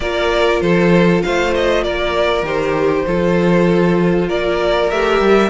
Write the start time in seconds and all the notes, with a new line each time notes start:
0.00 A#3 F4 A#4 D5
0.60 F3 A4 C5
1.22 A3 C5 F5
1.54 D#5
1.83 A#3 A#4 D5
2.42 D#3 G4 C5
3.06 F3 F4 A4
4.28 A#3 A#4 D5
4.90 A3 G4 E5
5.20 G3